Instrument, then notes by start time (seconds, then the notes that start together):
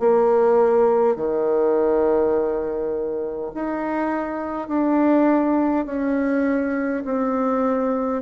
bassoon
0.00 A#3
1.17 D#3
3.55 D#4
4.68 D4
5.86 C#4
7.05 C4